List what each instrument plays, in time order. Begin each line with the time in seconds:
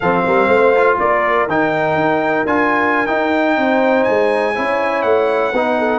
0.00 tuba F3, trombone C4, horn A4, trumpet F5
0.26 tuba G3, horn A#4
0.47 tuba A3, horn C5
0.76 trombone F4
0.99 tuba A#3, horn A#4, trumpet D5
1.47 tuba D#3, trombone D#4, trumpet G5
1.95 tuba D#4
2.45 tuba D4, trombone F4, trumpet G#5
3.06 trombone D#4, tuba D#4, trumpet G5
3.56 tuba C4, horn C5
4.03 tuba G#3, trumpet G#5
4.54 tuba C#4, trombone E4, horn C#5
5.02 tuba A3, trumpet F#5
5.53 tuba B3, trombone D#4, horn B4
5.78 horn A4